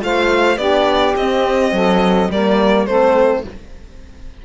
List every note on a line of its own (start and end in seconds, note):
0.00 0.57 A3
0.00 0.57 F4
0.00 0.57 C5
0.00 0.57 F5
0.57 1.14 B3
0.57 1.15 D4
0.57 1.72 G4
0.57 1.14 D5
1.16 1.72 C4
1.16 2.34 C4
1.16 2.30 D#5
1.72 2.29 F#3
1.72 2.29 A4
2.30 2.86 G3
2.30 2.87 A#3
2.30 2.87 A#4
2.30 2.86 D5
2.86 3.43 A3
2.86 3.45 C4
2.86 3.44 A4
2.86 3.43 C5